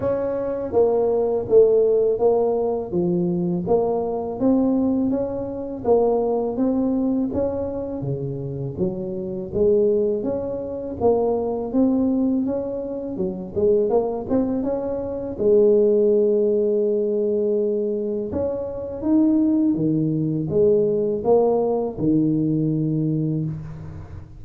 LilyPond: \new Staff \with { instrumentName = "tuba" } { \time 4/4 \tempo 4 = 82 cis'4 ais4 a4 ais4 | f4 ais4 c'4 cis'4 | ais4 c'4 cis'4 cis4 | fis4 gis4 cis'4 ais4 |
c'4 cis'4 fis8 gis8 ais8 c'8 | cis'4 gis2.~ | gis4 cis'4 dis'4 dis4 | gis4 ais4 dis2 | }